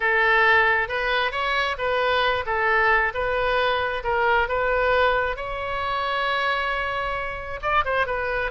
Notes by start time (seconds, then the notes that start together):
0.00 A4
0.88 B4
1.31 C#5
1.77 B4
2.45 A4
3.13 B4
4.03 A#4
4.48 B4
5.36 C#5
7.62 D5
7.85 C5
8.06 B4